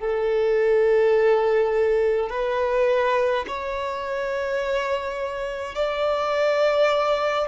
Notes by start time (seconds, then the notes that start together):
0.00 A4
2.30 B4
3.48 C#5
5.75 D5